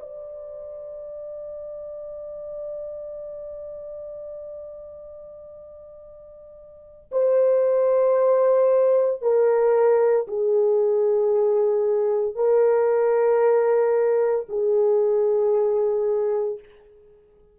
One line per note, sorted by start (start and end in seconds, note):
0.00 7.11 D5
7.11 9.22 C5
9.22 10.27 A#4
10.28 12.35 G#4
12.35 14.46 A#4
14.49 16.59 G#4